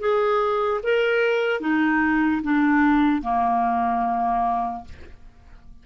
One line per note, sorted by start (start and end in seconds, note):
0.00 0.81 G#4
0.84 1.61 A#4
1.61 2.42 D#4
2.43 3.22 D4
3.22 4.85 A#3